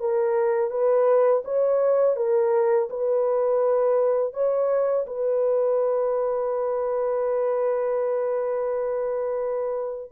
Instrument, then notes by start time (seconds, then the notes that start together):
horn
0.00 A#4
0.71 B4
1.45 C#5
2.17 A#4
2.90 B4
4.34 C#5
5.07 B4